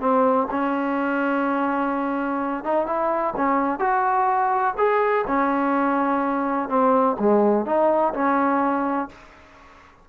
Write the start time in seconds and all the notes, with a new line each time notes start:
0.00 C4
0.50 C#4
2.64 D#4
2.86 E4
3.36 C#4
3.79 F#4
4.77 G#4
5.27 C#4
6.68 C4
7.19 G#3
7.66 D#4
8.13 C#4